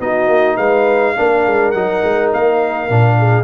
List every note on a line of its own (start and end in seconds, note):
0.00 0.28 B3
0.00 1.16 D#4
0.00 0.57 F#4
0.00 0.57 D#5
0.28 0.57 A#3
0.57 1.16 G#3
0.57 1.15 B4
0.57 1.71 F5
1.16 1.46 A#3
1.16 1.74 D4
1.16 3.19 A#4
1.46 1.74 G#3
1.71 2.03 F#3
1.71 2.90 D#4
1.71 2.29 F#5
2.04 2.33 G#3
2.33 2.90 A#3
2.33 3.44 F5
2.90 3.44 A#2
2.90 3.44 D4
3.19 3.44 G#4